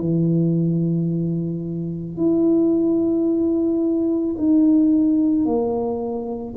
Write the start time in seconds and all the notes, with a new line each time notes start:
0.00 E3
2.17 E4
4.38 D#4
5.45 A#3